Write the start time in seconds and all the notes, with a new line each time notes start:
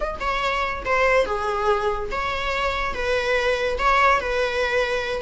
0.00 D#5
0.20 C#5
0.85 C5
1.25 G#4
2.11 C#5
2.94 B4
3.78 C#5
4.20 B4